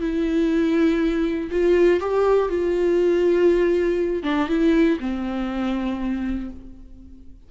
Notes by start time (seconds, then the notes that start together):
0.00 E4
1.51 F4
2.00 G4
2.49 F4
4.23 D4
4.48 E4
5.00 C4